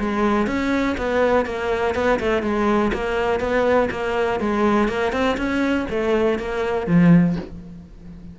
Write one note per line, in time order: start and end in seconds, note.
0.00 0.47 G#3
0.47 0.96 C#4
0.98 1.46 B3
1.46 1.95 A#3
1.95 2.20 B3
2.20 2.43 A3
2.43 2.92 G#3
2.94 3.41 A#3
3.41 3.90 B3
3.91 4.40 A#3
4.40 4.89 G#3
4.89 5.13 A#3
5.13 5.37 C4
5.37 5.87 C#4
5.90 6.39 A3
6.39 6.87 A#3
6.87 7.36 F3